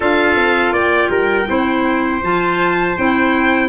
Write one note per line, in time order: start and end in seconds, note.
0.00 0.35 D4
0.00 1.45 F4
0.00 0.72 A4
0.00 0.74 F5
0.35 0.71 C4
0.71 1.08 A#3
0.71 1.09 D5
0.71 2.23 G5
1.09 1.46 G3
1.09 1.47 A#4
1.47 2.22 C4
1.47 2.21 E4
1.47 3.68 C5
2.22 2.96 F3
2.22 2.96 F4
2.22 2.97 A5
2.96 3.68 C4
2.96 3.68 E4
2.96 3.68 G5